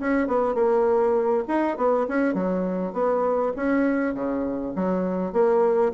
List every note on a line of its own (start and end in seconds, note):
0.00 0.28 C#4
0.28 0.55 B3
0.55 1.44 A#3
1.48 1.77 D#4
1.77 2.07 B3
2.08 2.35 C#4
2.35 2.93 F#3
2.93 3.53 B3
3.56 4.14 C#4
4.14 4.74 C#3
4.76 5.33 F#3
5.33 5.92 A#3